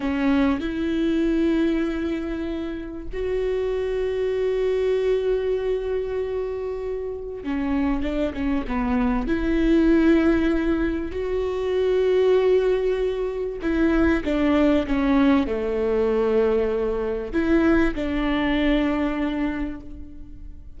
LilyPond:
\new Staff \with { instrumentName = "viola" } { \time 4/4 \tempo 4 = 97 cis'4 e'2.~ | e'4 fis'2.~ | fis'1 | cis'4 d'8 cis'8 b4 e'4~ |
e'2 fis'2~ | fis'2 e'4 d'4 | cis'4 a2. | e'4 d'2. | }